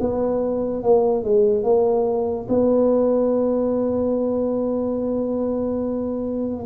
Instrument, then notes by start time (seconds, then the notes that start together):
tuba
0.00 B3
0.84 A#3
1.24 G#3
1.64 A#3
2.49 B3